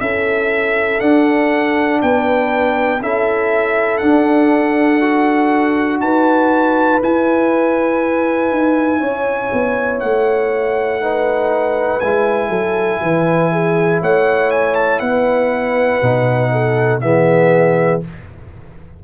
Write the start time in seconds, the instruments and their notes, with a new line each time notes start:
0.00 tuba C#4, trombone E4, horn A4, trumpet E5
0.99 trombone D4, tuba D4, trumpet F#5
2.01 tuba B3, horn B4, trumpet G5
3.01 tuba C#4, trombone E4, horn A4, trumpet E5
3.98 trombone D4, tuba D4, trumpet F#5
5.00 trombone F#4
5.99 tuba D#4, horn B4, trumpet A5
7.01 trombone E4, tuba E4, trumpet G#5
8.51 tuba D#4
9.00 tuba C#4, horn C#5
9.53 tuba B3
10.00 tuba A3, trumpet F#5
11.01 trombone D#4, horn B4
12.00 tuba G#3, trombone E4, trumpet G#5
12.49 tuba F#3, horn A4
13.01 tuba E3, horn B4
13.52 horn G#4
14.02 tuba A3, horn C#5, trumpet F#5
14.51 trumpet G#5
14.75 trumpet A5
14.99 tuba B3, horn B4, trumpet F#5
16.02 tuba B2, trombone D#4
16.52 horn A4
17.00 tuba E3, trombone B3, horn G#4, trumpet E5